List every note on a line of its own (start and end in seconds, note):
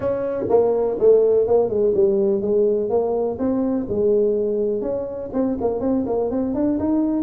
0.00 0.45 C#4
0.49 0.97 A#3
0.99 1.47 A3
1.47 1.68 A#3
1.68 1.92 G#3
1.94 2.41 G3
2.41 2.89 G#3
2.89 3.38 A#3
3.38 3.87 C4
3.88 4.81 G#3
4.81 5.30 C#4
5.33 5.57 C4
5.61 5.80 A#3
5.80 6.04 C4
6.06 6.30 A#3
6.30 6.54 C4
6.54 6.78 D4
6.79 7.22 D#4